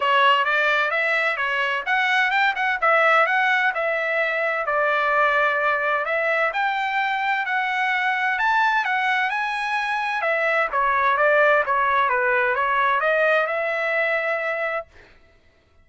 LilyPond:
\new Staff \with { instrumentName = "trumpet" } { \time 4/4 \tempo 4 = 129 cis''4 d''4 e''4 cis''4 | fis''4 g''8 fis''8 e''4 fis''4 | e''2 d''2~ | d''4 e''4 g''2 |
fis''2 a''4 fis''4 | gis''2 e''4 cis''4 | d''4 cis''4 b'4 cis''4 | dis''4 e''2. | }